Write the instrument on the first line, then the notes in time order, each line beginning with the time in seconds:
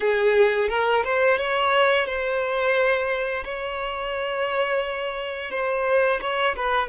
violin
0.00 G#4
0.69 A#4
1.04 C5
1.38 C#5
2.06 C5
3.44 C#5
5.50 C5
6.21 C#5
6.56 B4